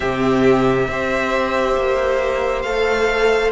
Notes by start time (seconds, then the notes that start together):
0.00 C3 C4 G4 E5
0.88 C4 G4 C5
1.76 A#3
2.62 A3 A4 F5